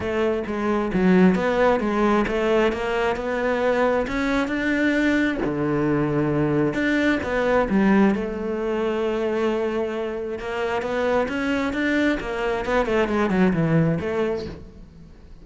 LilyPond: \new Staff \with { instrumentName = "cello" } { \time 4/4 \tempo 4 = 133 a4 gis4 fis4 b4 | gis4 a4 ais4 b4~ | b4 cis'4 d'2 | d2. d'4 |
b4 g4 a2~ | a2. ais4 | b4 cis'4 d'4 ais4 | b8 a8 gis8 fis8 e4 a4 | }